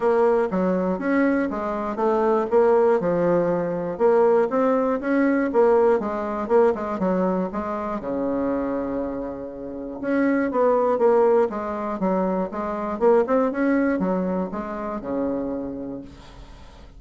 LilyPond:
\new Staff \with { instrumentName = "bassoon" } { \time 4/4 \tempo 4 = 120 ais4 fis4 cis'4 gis4 | a4 ais4 f2 | ais4 c'4 cis'4 ais4 | gis4 ais8 gis8 fis4 gis4 |
cis1 | cis'4 b4 ais4 gis4 | fis4 gis4 ais8 c'8 cis'4 | fis4 gis4 cis2 | }